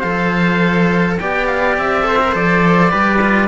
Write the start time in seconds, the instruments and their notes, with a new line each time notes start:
0.00 cello F3 A4, trumpet C5, oboe F5
1.20 cello B3 G4, trumpet D5, oboe G5
1.47 oboe F5
1.78 cello C4, oboe E5
2.03 cello A4, trumpet C5
2.21 cello A#4
2.33 cello F3 A4, oboe D5
2.91 cello G3 G4, trumpet B4
3.22 cello F4